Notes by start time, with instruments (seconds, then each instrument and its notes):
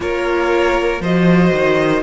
0.00 cello A#3, viola F4, violin A#4 C#5
1.00 cello F3, viola F#4, violin C5 D#5
1.52 cello D#3